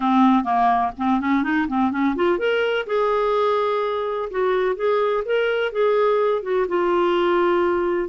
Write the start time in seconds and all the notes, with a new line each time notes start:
0.00 C4
0.44 A#3
0.97 C4
1.20 C#4
1.43 D#4
1.68 C4
1.91 C#4
2.15 F4
2.38 A#4
2.86 G#4
4.30 F#4
4.75 G#4
5.25 A#4
5.71 G#4
6.42 F#4
6.68 F4